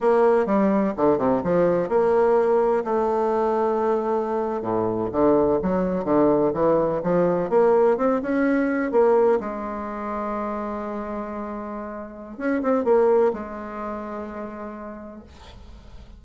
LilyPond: \new Staff \with { instrumentName = "bassoon" } { \time 4/4 \tempo 4 = 126 ais4 g4 d8 c8 f4 | ais2 a2~ | a4.~ a16 a,4 d4 fis16~ | fis8. d4 e4 f4 ais16~ |
ais8. c'8 cis'4. ais4 gis16~ | gis1~ | gis2 cis'8 c'8 ais4 | gis1 | }